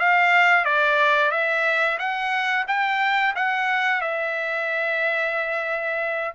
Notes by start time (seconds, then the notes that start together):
0.00 F5
0.65 D5
1.32 E5
1.99 F#5
2.68 G5
3.36 F#5
4.02 E5